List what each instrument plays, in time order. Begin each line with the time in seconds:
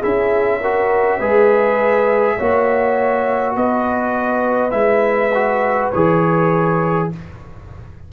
0.00 tuba C#4, trombone E4, horn G#4, trumpet E5
0.62 trombone F#4, horn A#4
1.19 tuba G#3, trombone G#4, horn B4
2.37 tuba A#3, trombone F#4, horn C#5
3.56 tuba B3, horn B4, trumpet D#5
4.71 tuba G#3, trombone E4, trumpet E5
5.35 trombone F#4
5.91 tuba E3, trombone G#4, trumpet C#5